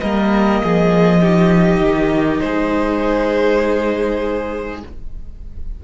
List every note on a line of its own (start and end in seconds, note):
0.00 0.63 G3
0.00 1.22 A#3
0.00 0.61 A#4
0.00 2.40 D#5
0.64 1.80 F3
0.64 1.21 G#4
1.21 4.82 D#4
1.21 2.41 G4
1.80 2.40 D#3
2.40 4.83 G#3
2.40 4.84 G#4
2.40 4.80 C5